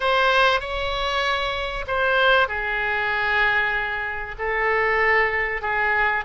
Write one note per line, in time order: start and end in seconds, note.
0.00 0.60 C5
0.60 1.85 C#5
1.87 2.48 C5
2.48 4.35 G#4
4.38 5.61 A4
5.61 6.24 G#4